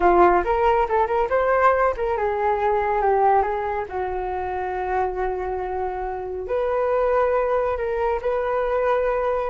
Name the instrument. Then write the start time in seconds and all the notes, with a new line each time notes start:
flute
0.00 F4
0.44 A#4
0.88 A4
1.07 A#4
1.29 C5
1.96 A#4
2.17 G#4
3.01 G4
3.42 G#4
3.88 F#4
6.47 B4
7.77 A#4
8.21 B4